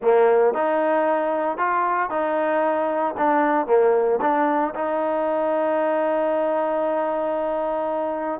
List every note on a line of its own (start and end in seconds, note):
0.02 0.54 A#3
0.54 1.57 D#4
1.57 2.09 F4
2.09 3.15 D#4
3.17 3.67 D4
3.67 4.19 A#3
4.21 4.73 D4
4.74 8.40 D#4